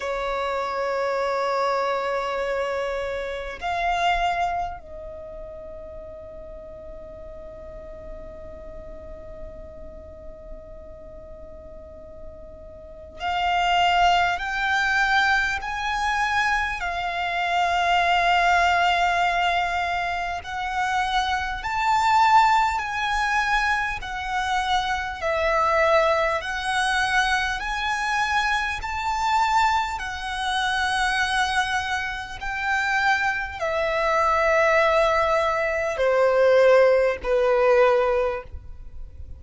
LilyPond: \new Staff \with { instrumentName = "violin" } { \time 4/4 \tempo 4 = 50 cis''2. f''4 | dis''1~ | dis''2. f''4 | g''4 gis''4 f''2~ |
f''4 fis''4 a''4 gis''4 | fis''4 e''4 fis''4 gis''4 | a''4 fis''2 g''4 | e''2 c''4 b'4 | }